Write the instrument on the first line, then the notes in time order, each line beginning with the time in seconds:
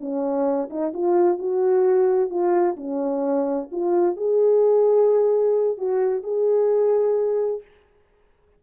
horn
0.00 C#4
0.70 D#4
0.93 F4
1.38 F#4
2.30 F4
2.76 C#4
3.71 F4
4.16 G#4
5.77 F#4
6.23 G#4